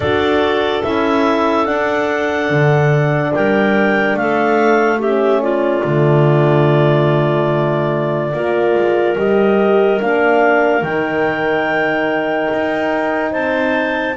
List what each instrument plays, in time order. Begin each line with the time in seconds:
0.00 double bass D4, horn F#4, clarinet A4 D5
0.83 double bass C#4, horn E4, clarinet E5
1.65 horn D4, double bass D4, clarinet F#5
2.50 double bass D3
3.34 double bass G3, clarinet A#4 G5
4.14 double bass A3, clarinet A4 F5
4.99 horn C#4, clarinet G4 E5
5.41 clarinet F4 D5
5.82 double bass D3, horn A3
8.33 double bass A#3, horn F4, clarinet A#4
8.74 double bass G#3
9.17 double bass G3, horn G4, clarinet D#5
10.00 double bass A#3, horn D4, clarinet F5
10.82 double bass D#3, horn D#4, clarinet G5
12.53 double bass D#4
13.31 double bass C4, clarinet C5 A5